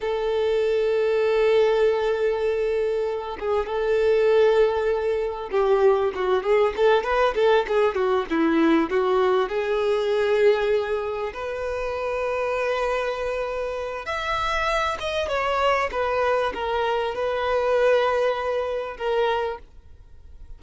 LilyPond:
\new Staff \with { instrumentName = "violin" } { \time 4/4 \tempo 4 = 98 a'1~ | a'4. gis'8 a'2~ | a'4 g'4 fis'8 gis'8 a'8 b'8 | a'8 gis'8 fis'8 e'4 fis'4 gis'8~ |
gis'2~ gis'8 b'4.~ | b'2. e''4~ | e''8 dis''8 cis''4 b'4 ais'4 | b'2. ais'4 | }